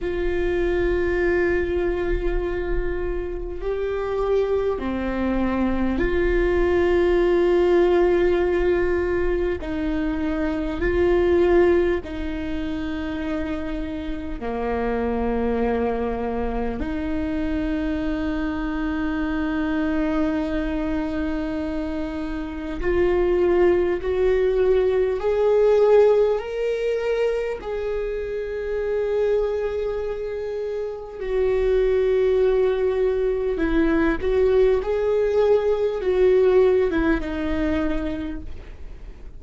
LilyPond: \new Staff \with { instrumentName = "viola" } { \time 4/4 \tempo 4 = 50 f'2. g'4 | c'4 f'2. | dis'4 f'4 dis'2 | ais2 dis'2~ |
dis'2. f'4 | fis'4 gis'4 ais'4 gis'4~ | gis'2 fis'2 | e'8 fis'8 gis'4 fis'8. e'16 dis'4 | }